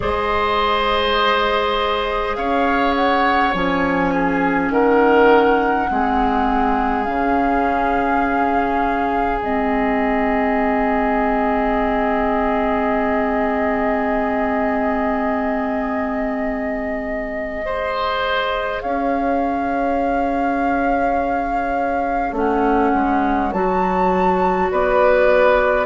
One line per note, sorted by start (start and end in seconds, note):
0.00 2.37 G#3
0.00 3.51 G#4
0.00 2.37 C5
0.00 2.35 D#5
2.35 3.54 C#4
2.35 4.13 C#5
2.35 2.94 F5
2.95 3.53 F#5
3.53 4.70 F3
3.53 5.89 C#4
3.53 4.71 G#5
4.13 4.72 G#4
4.70 5.87 D#3
4.70 5.89 A#4
4.70 7.03 F#5
5.89 7.08 G#3
5.89 7.04 C4
5.89 17.65 G#4
7.03 9.42 C#3
7.03 9.40 C#4
7.03 9.39 F5
9.42 18.83 G#3
9.42 17.65 C4
9.42 18.81 D#5
17.65 22.34 G#4
17.65 18.82 C5
18.81 22.32 C#4
18.81 24.71 C#5
18.81 22.34 F5
22.32 22.91 A3
22.32 23.51 C#4
22.32 23.52 F#5
22.94 23.53 G#3
23.52 24.70 F#3
23.52 25.85 F#4
23.52 24.70 A5
24.70 25.85 B3
24.70 25.85 B4
24.70 25.85 D5